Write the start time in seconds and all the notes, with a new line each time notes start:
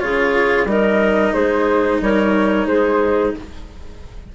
0.00 C#3 F4 G#4 C#5
0.66 G3 D#4 A#4 D#5
1.34 G#3 G#4 C5
2.01 G3 A#4 C#5
2.66 G#3 G#4 C5